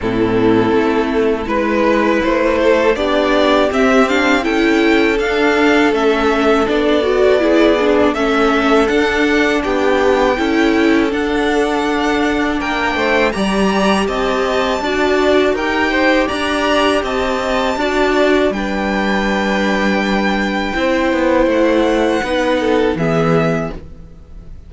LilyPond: <<
  \new Staff \with { instrumentName = "violin" } { \time 4/4 \tempo 4 = 81 a'2 b'4 c''4 | d''4 e''8 f''8 g''4 f''4 | e''4 d''2 e''4 | fis''4 g''2 fis''4~ |
fis''4 g''4 ais''4 a''4~ | a''4 g''4 ais''4 a''4~ | a''4 g''2.~ | g''4 fis''2 e''4 | }
  \new Staff \with { instrumentName = "violin" } { \time 4/4 e'2 b'4. a'8 | g'2 a'2~ | a'2 gis'4 a'4~ | a'4 g'4 a'2~ |
a'4 ais'8 c''8 d''4 dis''4 | d''4 ais'8 c''8 d''4 dis''4 | d''4 b'2. | c''2 b'8 a'8 gis'4 | }
  \new Staff \with { instrumentName = "viola" } { \time 4/4 c'2 e'2 | d'4 c'8 d'8 e'4 d'4 | cis'4 d'8 fis'8 e'8 d'8 cis'4 | d'2 e'4 d'4~ |
d'2 g'2 | fis'4 g'2. | fis'4 d'2. | e'2 dis'4 b4 | }
  \new Staff \with { instrumentName = "cello" } { \time 4/4 a,4 a4 gis4 a4 | b4 c'4 cis'4 d'4 | a4 b2 a4 | d'4 b4 cis'4 d'4~ |
d'4 ais8 a8 g4 c'4 | d'4 dis'4 d'4 c'4 | d'4 g2. | c'8 b8 a4 b4 e4 | }
>>